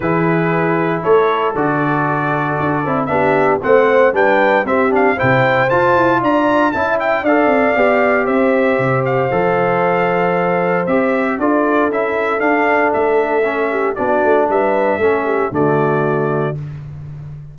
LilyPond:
<<
  \new Staff \with { instrumentName = "trumpet" } { \time 4/4 \tempo 4 = 116 b'2 cis''4 d''4~ | d''2 e''4 fis''4 | g''4 e''8 f''8 g''4 a''4 | ais''4 a''8 g''8 f''2 |
e''4. f''2~ f''8~ | f''4 e''4 d''4 e''4 | f''4 e''2 d''4 | e''2 d''2 | }
  \new Staff \with { instrumentName = "horn" } { \time 4/4 gis'2 a'2~ | a'2 g'4 c''4 | b'4 g'4 c''2 | d''4 e''4 d''2 |
c''1~ | c''2 a'2~ | a'2~ a'8 g'8 fis'4 | b'4 a'8 g'8 fis'2 | }
  \new Staff \with { instrumentName = "trombone" } { \time 4/4 e'2. fis'4~ | fis'4. e'8 d'4 c'4 | d'4 c'8 d'8 e'4 f'4~ | f'4 e'4 a'4 g'4~ |
g'2 a'2~ | a'4 g'4 f'4 e'4 | d'2 cis'4 d'4~ | d'4 cis'4 a2 | }
  \new Staff \with { instrumentName = "tuba" } { \time 4/4 e2 a4 d4~ | d4 d'8 c'8 b4 a4 | g4 c'4 c4 f'8 e'8 | d'4 cis'4 d'8 c'8 b4 |
c'4 c4 f2~ | f4 c'4 d'4 cis'4 | d'4 a2 b8 a8 | g4 a4 d2 | }
>>